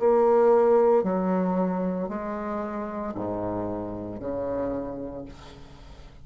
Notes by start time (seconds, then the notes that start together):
0.00 A#3
1.04 F#3
2.09 G#3
3.15 G#2
4.20 C#3